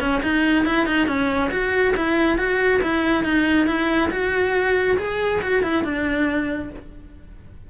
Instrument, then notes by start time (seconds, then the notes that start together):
cello
0.00 C#4
0.23 D#4
0.65 E4
0.86 D#4
1.07 C#4
1.51 F#4
1.96 E4
2.38 F#4
2.82 E4
3.24 D#4
3.67 E4
4.11 F#4
4.98 G#4
5.42 F#4
5.63 E4
5.84 D4